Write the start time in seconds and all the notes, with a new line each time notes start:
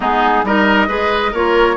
0.00 G#3 B3 D#4 G#4
0.43 G3 D#4 A#4 D#5
0.87 G#3 G#4 B4
1.31 A#3 F4 A#4 C#5